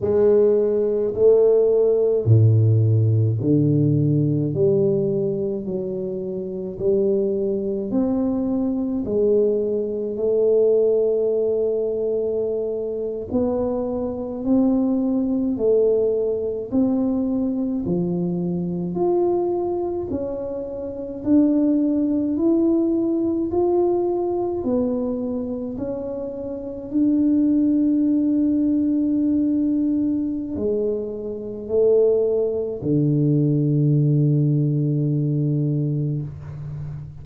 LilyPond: \new Staff \with { instrumentName = "tuba" } { \time 4/4 \tempo 4 = 53 gis4 a4 a,4 d4 | g4 fis4 g4 c'4 | gis4 a2~ a8. b16~ | b8. c'4 a4 c'4 f16~ |
f8. f'4 cis'4 d'4 e'16~ | e'8. f'4 b4 cis'4 d'16~ | d'2. gis4 | a4 d2. | }